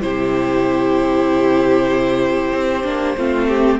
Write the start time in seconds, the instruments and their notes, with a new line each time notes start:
0.00 cello C3, viola E4, violin G4 C5
2.52 cello C4
2.83 cello A#3, viola D4
3.16 cello A3, viola C4, violin F4
3.48 violin G4